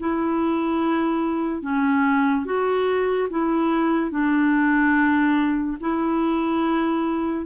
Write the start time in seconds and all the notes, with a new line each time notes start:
0.00 E4
1.62 C#4
2.45 F#4
3.30 E4
4.11 D4
5.81 E4